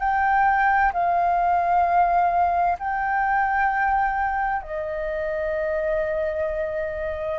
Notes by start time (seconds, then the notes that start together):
0.00 G5
0.93 F5
2.79 G5
4.62 D#5